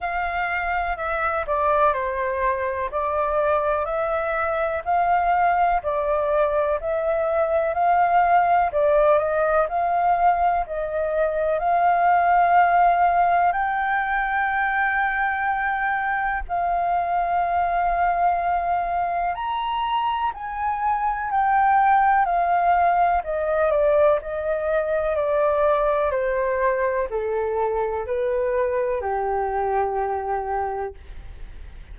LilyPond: \new Staff \with { instrumentName = "flute" } { \time 4/4 \tempo 4 = 62 f''4 e''8 d''8 c''4 d''4 | e''4 f''4 d''4 e''4 | f''4 d''8 dis''8 f''4 dis''4 | f''2 g''2~ |
g''4 f''2. | ais''4 gis''4 g''4 f''4 | dis''8 d''8 dis''4 d''4 c''4 | a'4 b'4 g'2 | }